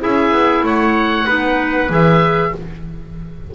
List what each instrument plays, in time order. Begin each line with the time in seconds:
0.00 double bass C#4, clarinet E4, trumpet G#4, oboe E5
0.32 double bass B3
0.63 double bass A3, trumpet C#5, oboe F#5
1.26 double bass B3, clarinet D#4, trumpet B4
1.89 double bass E3, clarinet G#4, oboe E5